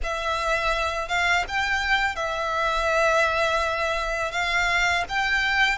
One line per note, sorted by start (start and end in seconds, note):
0.03 1.08 E5
1.08 1.44 F5
1.48 2.15 G5
2.15 4.31 E5
4.31 5.04 F5
5.08 5.78 G5